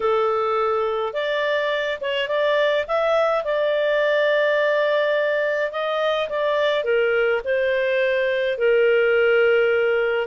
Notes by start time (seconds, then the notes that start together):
0.00 A4
1.13 D5
2.01 C#5
2.28 D5
2.87 E5
3.44 D5
5.71 D#5
6.29 D5
6.84 A#4
7.44 C5
8.57 A#4